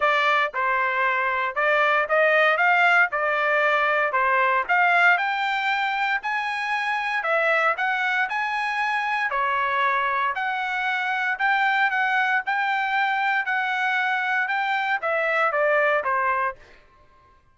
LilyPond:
\new Staff \with { instrumentName = "trumpet" } { \time 4/4 \tempo 4 = 116 d''4 c''2 d''4 | dis''4 f''4 d''2 | c''4 f''4 g''2 | gis''2 e''4 fis''4 |
gis''2 cis''2 | fis''2 g''4 fis''4 | g''2 fis''2 | g''4 e''4 d''4 c''4 | }